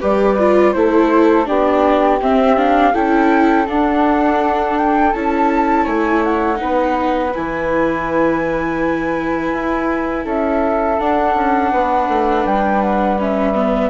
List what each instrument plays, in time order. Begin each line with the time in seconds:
0.00 bassoon G3, viola G4, flute B4 D5
0.39 viola F4
0.72 bassoon A3, viola E4, flute A4 C5
1.45 bassoon B3, viola D4, flute G4 D5
2.21 bassoon C4, viola C4, flute E5
2.56 viola D4, flute F5
2.93 bassoon C#4, viola E4, flute A4 G5
3.66 viola D4, bassoon D4, flute F#5
4.77 flute G5
5.13 bassoon C#4, viola E4, flute A5
5.84 bassoon A3, flute C#5 G#5
6.24 flute F#5
6.55 bassoon B3, viola D#4, flute B4
7.34 bassoon E3, viola E4, flute G#5
9.52 bassoon E4
10.25 bassoon C#4, flute A4 E5
10.99 viola D4, bassoon D4, flute F#5
11.34 bassoon C#4
11.72 bassoon B3, flute B4
12.08 bassoon A3
12.45 bassoon G3, flute G5
12.82 flute F#5
13.19 viola C#4, flute E5
13.54 viola B3